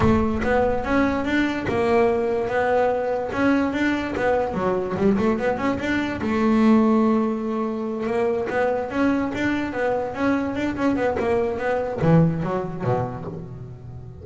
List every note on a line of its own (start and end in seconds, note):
0.00 0.41 A3
0.43 0.84 B3
0.84 1.24 C#4
1.24 1.66 D4
1.68 2.48 A#3
2.48 3.30 B3
3.32 3.73 C#4
3.73 4.14 D4
4.16 4.53 B3
4.53 4.95 F#3
4.96 5.17 G3
5.17 5.38 A3
5.38 5.57 B3
5.57 5.78 C#4
5.79 6.20 D4
6.21 8.06 A3
8.06 8.47 A#3
8.49 8.90 B3
8.90 9.31 C#4
9.34 9.72 D4
9.72 10.14 B3
10.14 10.55 C#4
10.55 10.76 D4
10.76 10.96 C#4
10.96 11.16 B3
11.19 11.58 A#3
11.58 11.99 B3
12.01 12.43 E3
12.43 12.84 F#3
12.84 13.25 B2